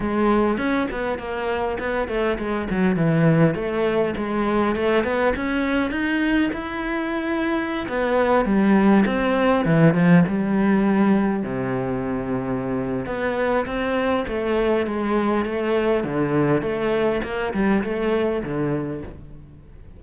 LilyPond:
\new Staff \with { instrumentName = "cello" } { \time 4/4 \tempo 4 = 101 gis4 cis'8 b8 ais4 b8 a8 | gis8 fis8 e4 a4 gis4 | a8 b8 cis'4 dis'4 e'4~ | e'4~ e'16 b4 g4 c'8.~ |
c'16 e8 f8 g2 c8.~ | c2 b4 c'4 | a4 gis4 a4 d4 | a4 ais8 g8 a4 d4 | }